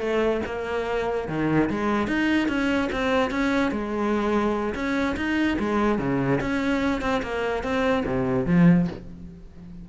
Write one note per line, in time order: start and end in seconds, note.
0.00 0.41 A3
0.46 1.28 A#3
1.28 1.69 D#3
1.70 2.08 G#3
2.08 2.48 D#4
2.48 2.90 C#4
2.92 3.31 C4
3.31 3.72 C#4
3.72 4.74 G#3
4.75 5.16 C#4
5.17 5.58 D#4
5.59 5.99 G#3
5.99 6.40 C#3
6.41 7.01 C#4
7.01 7.22 C4
7.23 7.63 A#3
7.63 8.04 C4
8.06 8.46 C3
8.46 8.87 F3